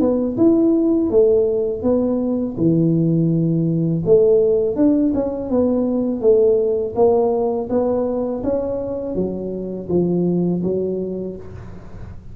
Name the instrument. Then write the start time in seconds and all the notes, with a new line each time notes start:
tuba
0.00 B3
0.37 E4
1.10 A3
1.83 B3
2.57 E3
4.05 A3
4.76 D4
5.14 C#4
5.50 B3
6.21 A3
6.95 A#3
7.69 B3
8.43 C#4
9.15 F#3
9.89 F3
10.63 F#3